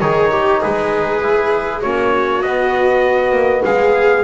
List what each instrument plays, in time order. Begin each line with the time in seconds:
0.00 double bass D#3, trombone D#4, viola G#4, trumpet C#5
0.31 viola G4
0.60 double bass G#3, viola G#4, trumpet B4
1.21 trombone E4
1.81 double bass A#3, trombone C#4, viola F#4, trumpet C#5
2.41 double bass B3, trombone B3, trumpet D#5
3.31 double bass A#3
3.64 double bass G#3, viola G#4, trumpet F5